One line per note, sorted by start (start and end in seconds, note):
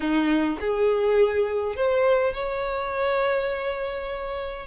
0.00 0.58 D#4
0.60 1.76 G#4
1.76 2.33 C5
2.33 4.66 C#5